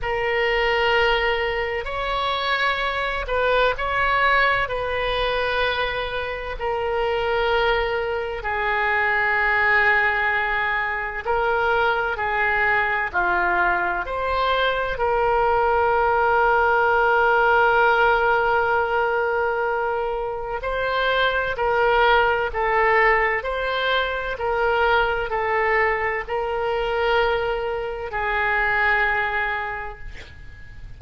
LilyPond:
\new Staff \with { instrumentName = "oboe" } { \time 4/4 \tempo 4 = 64 ais'2 cis''4. b'8 | cis''4 b'2 ais'4~ | ais'4 gis'2. | ais'4 gis'4 f'4 c''4 |
ais'1~ | ais'2 c''4 ais'4 | a'4 c''4 ais'4 a'4 | ais'2 gis'2 | }